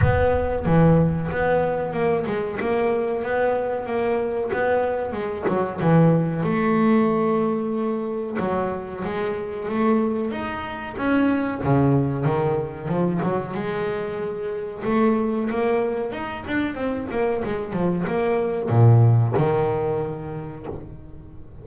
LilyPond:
\new Staff \with { instrumentName = "double bass" } { \time 4/4 \tempo 4 = 93 b4 e4 b4 ais8 gis8 | ais4 b4 ais4 b4 | gis8 fis8 e4 a2~ | a4 fis4 gis4 a4 |
dis'4 cis'4 cis4 dis4 | f8 fis8 gis2 a4 | ais4 dis'8 d'8 c'8 ais8 gis8 f8 | ais4 ais,4 dis2 | }